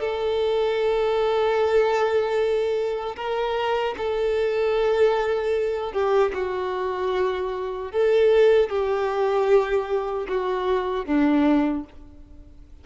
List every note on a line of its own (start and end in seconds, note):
0.00 3.16 A4
3.17 3.95 A#4
3.98 5.93 A4
5.93 6.32 G4
6.34 7.92 F#4
7.92 8.69 A4
8.69 10.27 G4
10.28 11.06 F#4
11.06 11.85 D4